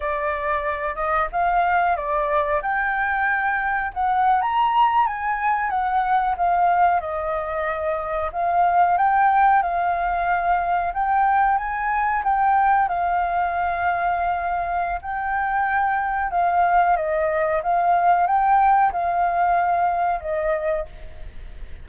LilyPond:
\new Staff \with { instrumentName = "flute" } { \time 4/4 \tempo 4 = 92 d''4. dis''8 f''4 d''4 | g''2 fis''8. ais''4 gis''16~ | gis''8. fis''4 f''4 dis''4~ dis''16~ | dis''8. f''4 g''4 f''4~ f''16~ |
f''8. g''4 gis''4 g''4 f''16~ | f''2. g''4~ | g''4 f''4 dis''4 f''4 | g''4 f''2 dis''4 | }